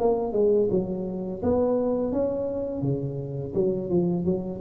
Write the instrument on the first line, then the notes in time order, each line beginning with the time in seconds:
tuba
0.00 A#3
0.33 G#3
0.70 F#3
1.43 B3
2.13 C#4
2.82 C#3
3.55 F#3
3.90 F3
4.25 F#3